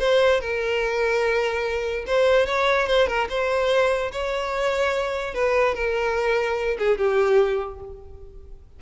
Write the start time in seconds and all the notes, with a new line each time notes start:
0.00 C5
0.41 A#4
2.07 C5
2.47 C#5
2.87 C5
3.08 A#4
3.30 C5
4.12 C#5
5.35 B4
5.75 A#4
6.79 G#4
6.98 G4